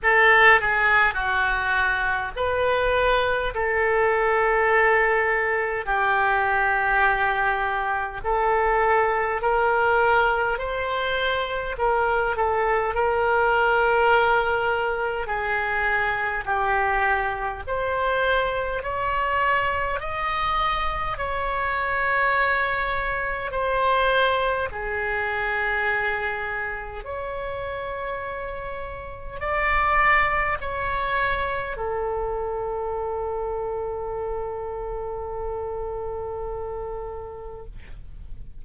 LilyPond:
\new Staff \with { instrumentName = "oboe" } { \time 4/4 \tempo 4 = 51 a'8 gis'8 fis'4 b'4 a'4~ | a'4 g'2 a'4 | ais'4 c''4 ais'8 a'8 ais'4~ | ais'4 gis'4 g'4 c''4 |
cis''4 dis''4 cis''2 | c''4 gis'2 cis''4~ | cis''4 d''4 cis''4 a'4~ | a'1 | }